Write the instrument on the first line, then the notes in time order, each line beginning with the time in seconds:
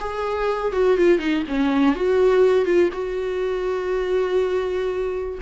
viola
0.00 G#4
0.73 F#4
0.97 F4
1.19 D#4
1.48 C#4
1.95 F#4
2.65 F4
2.93 F#4